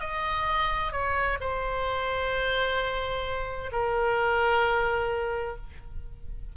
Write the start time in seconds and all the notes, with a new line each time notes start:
0.00 D#5
0.92 C#5
1.40 C5
3.72 A#4